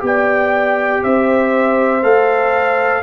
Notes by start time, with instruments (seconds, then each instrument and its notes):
0.00 tuba B3, trombone G4, trumpet G5
0.07 horn D5
1.03 tuba C4, horn C5, trumpet E5
2.03 tuba A3, trombone A4, trumpet F5